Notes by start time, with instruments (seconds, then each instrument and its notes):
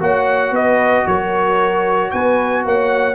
0.00 tuba A#3, trombone F#4, horn C#5, trumpet F#5
0.51 tuba B3, horn B4, trumpet D#5
1.06 tuba F#3, horn A#4, trumpet C#5
2.11 tuba B3, horn B4, trumpet G#5
2.65 tuba A#3, horn C#5, trumpet F#5